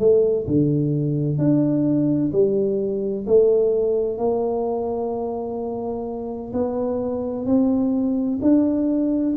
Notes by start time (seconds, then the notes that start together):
0.00 A3
0.48 D3
1.38 D4
2.33 G3
3.27 A3
4.18 A#3
6.53 B3
7.46 C4
8.42 D4